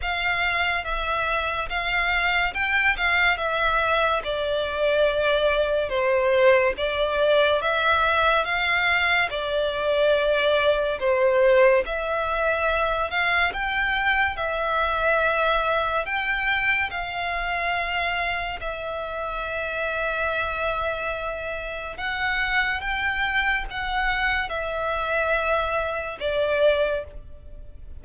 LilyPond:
\new Staff \with { instrumentName = "violin" } { \time 4/4 \tempo 4 = 71 f''4 e''4 f''4 g''8 f''8 | e''4 d''2 c''4 | d''4 e''4 f''4 d''4~ | d''4 c''4 e''4. f''8 |
g''4 e''2 g''4 | f''2 e''2~ | e''2 fis''4 g''4 | fis''4 e''2 d''4 | }